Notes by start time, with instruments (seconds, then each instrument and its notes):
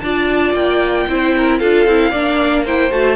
0.00 cello D4, viola F4, violin D5 A5
0.53 cello A#3, violin G5
1.08 cello C4, viola E4, violin C5
1.37 violin A#4
1.59 cello D4, viola F4, violin A4 F5
1.85 cello C4, viola E4
2.10 cello A#3, viola D4, violin D5
2.65 viola E4, violin C5 G5
2.90 cello A3, viola F#4, violin A5